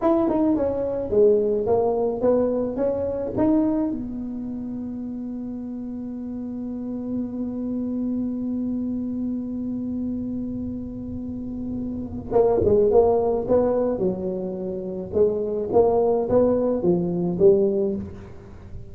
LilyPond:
\new Staff \with { instrumentName = "tuba" } { \time 4/4 \tempo 4 = 107 e'8 dis'8 cis'4 gis4 ais4 | b4 cis'4 dis'4 b4~ | b1~ | b1~ |
b1~ | b2 ais8 gis8 ais4 | b4 fis2 gis4 | ais4 b4 f4 g4 | }